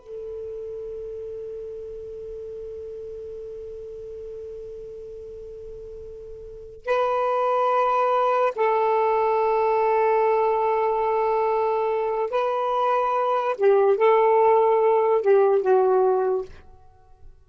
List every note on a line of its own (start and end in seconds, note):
0.00 6.86 A4
6.86 8.53 B4
8.56 12.31 A4
12.31 13.56 B4
13.58 13.97 G4
13.97 15.22 A4
15.22 15.62 G4
15.62 16.45 F#4